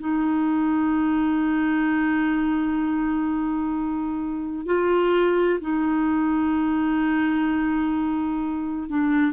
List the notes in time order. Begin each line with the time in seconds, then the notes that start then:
0.00 D#4
4.66 F4
5.61 D#4
8.89 D4